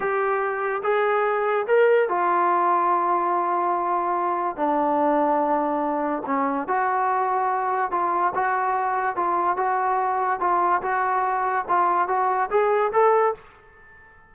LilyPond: \new Staff \with { instrumentName = "trombone" } { \time 4/4 \tempo 4 = 144 g'2 gis'2 | ais'4 f'2.~ | f'2. d'4~ | d'2. cis'4 |
fis'2. f'4 | fis'2 f'4 fis'4~ | fis'4 f'4 fis'2 | f'4 fis'4 gis'4 a'4 | }